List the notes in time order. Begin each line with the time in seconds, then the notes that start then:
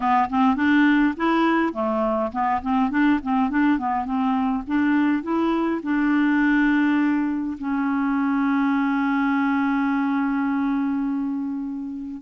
0.00 B3
0.29 C4
0.56 D4
1.17 E4
1.73 A3
2.31 B3
2.61 C4
2.90 D4
3.23 C4
3.50 D4
3.78 B3
4.05 C4
4.67 D4
5.22 E4
5.82 D4
7.58 C#4